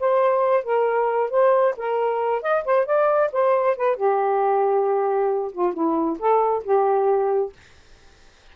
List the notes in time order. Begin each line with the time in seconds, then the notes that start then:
0.00 C5
0.64 A#4
1.31 C5
1.77 A#4
2.42 D#5
2.65 C5
2.86 D5
3.33 C5
3.77 B4
3.96 G4
5.53 F4
5.74 E4
6.19 A4
6.64 G4